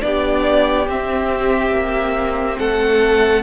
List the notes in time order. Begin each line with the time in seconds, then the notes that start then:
0.00 B3 D4 G4 D5
0.89 C4 E5
1.71 A#3
2.59 A3 A4 F#5